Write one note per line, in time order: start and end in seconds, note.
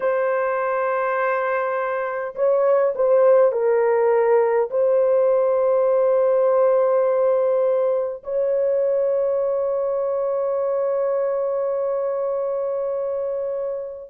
0.00 2.35 C5
2.35 2.94 C#5
2.95 3.52 C5
3.52 4.70 A#4
4.70 8.23 C5
8.23 14.10 C#5